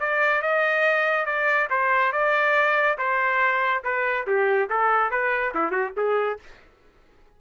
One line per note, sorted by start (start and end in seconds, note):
0.00 0.42 D5
0.42 1.26 D#5
1.26 1.68 D5
1.70 2.13 C5
2.13 2.98 D5
2.98 3.83 C5
3.84 4.27 B4
4.27 4.69 G4
4.70 5.11 A4
5.11 5.54 B4
5.55 5.71 E4
5.71 5.93 F#4
5.97 6.39 G#4